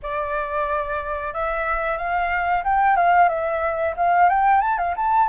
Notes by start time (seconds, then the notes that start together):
0.02 D5
1.33 E5
1.97 F5
2.64 G5
2.96 F5
3.28 E5
3.96 F5
4.29 G5
4.61 A5
4.78 F5
4.96 A5